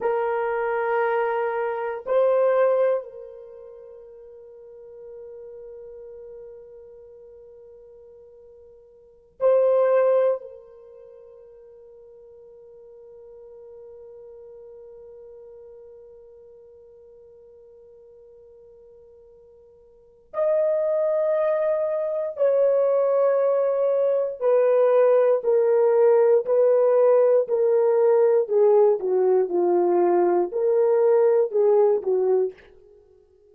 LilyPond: \new Staff \with { instrumentName = "horn" } { \time 4/4 \tempo 4 = 59 ais'2 c''4 ais'4~ | ais'1~ | ais'4~ ais'16 c''4 ais'4.~ ais'16~ | ais'1~ |
ais'1 | dis''2 cis''2 | b'4 ais'4 b'4 ais'4 | gis'8 fis'8 f'4 ais'4 gis'8 fis'8 | }